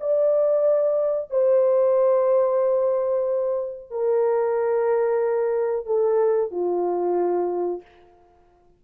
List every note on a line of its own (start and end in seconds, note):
0.00 1.30 D5
1.31 3.91 C5
3.91 5.86 A#4
5.86 6.51 A4
6.51 7.81 F4